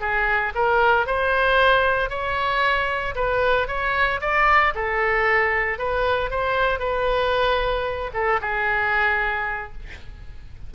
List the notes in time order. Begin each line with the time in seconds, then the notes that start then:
0.00 G#4
0.55 A#4
1.06 C5
2.09 C#5
3.15 B4
3.67 C#5
4.21 D5
4.74 A4
5.78 B4
6.30 C5
6.79 B4
8.13 A4
8.41 G#4